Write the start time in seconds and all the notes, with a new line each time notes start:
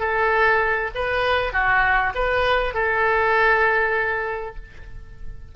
0.00 A4
0.95 B4
1.53 F#4
2.15 B4
2.74 A4